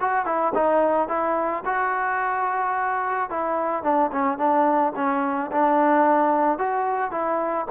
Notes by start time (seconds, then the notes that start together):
0.00 F#4
0.25 E4
0.54 D#4
1.08 E4
1.65 F#4
3.30 E4
3.83 D4
4.12 C#4
4.37 D4
4.95 C#4
5.51 D4
6.58 F#4
7.11 E4